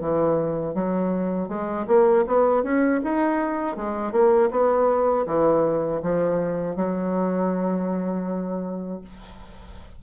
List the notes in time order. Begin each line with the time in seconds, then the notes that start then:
0.00 E3
0.74 F#3
1.48 G#3
1.87 A#3
2.26 B3
2.63 C#4
3.03 D#4
3.76 G#3
4.11 A#3
4.50 B3
5.26 E3
6.02 F3
6.76 F#3